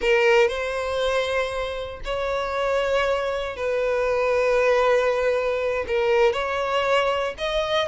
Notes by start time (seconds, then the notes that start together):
0.01 A#4
0.47 C5
2.04 C#5
3.56 B4
5.87 A#4
6.32 C#5
7.38 D#5